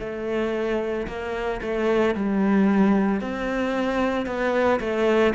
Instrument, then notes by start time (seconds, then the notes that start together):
cello
0.00 A3
1.08 A#3
1.62 A3
2.15 G3
3.21 C4
4.26 B3
4.80 A3